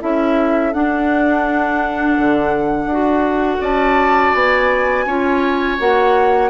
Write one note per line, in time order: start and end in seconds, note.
0.00 0.74 C#4
0.00 0.73 E4
0.00 3.61 A4
0.00 0.73 E5
0.73 2.18 D4
0.73 2.91 D4
0.73 3.63 F#5
2.18 2.85 D3
2.85 3.58 D4
2.91 5.08 F#4
3.61 4.33 C#4
3.61 5.05 D5
3.61 4.34 A5
4.34 5.06 B3
4.34 5.79 G#5
5.06 5.78 C#4
5.06 5.79 F4
5.06 6.50 C#5
5.79 6.50 A#3
5.79 6.50 F#4
5.79 6.50 F#5